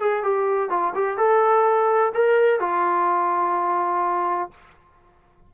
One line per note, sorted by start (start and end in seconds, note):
0.00 0.23 G#4
0.23 0.70 G4
0.70 0.94 F4
0.95 1.18 G4
1.18 2.13 A4
2.14 2.60 A#4
2.60 4.50 F4